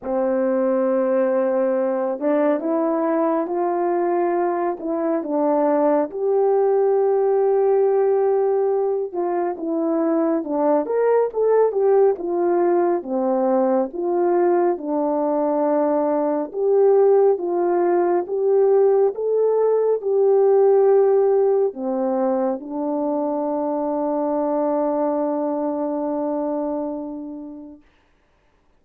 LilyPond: \new Staff \with { instrumentName = "horn" } { \time 4/4 \tempo 4 = 69 c'2~ c'8 d'8 e'4 | f'4. e'8 d'4 g'4~ | g'2~ g'8 f'8 e'4 | d'8 ais'8 a'8 g'8 f'4 c'4 |
f'4 d'2 g'4 | f'4 g'4 a'4 g'4~ | g'4 c'4 d'2~ | d'1 | }